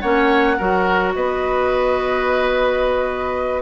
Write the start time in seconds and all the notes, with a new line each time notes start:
0.00 A#3 C#4 C#5 F#5
0.57 F#3 F#4 A#4
1.14 B3 B4 D#5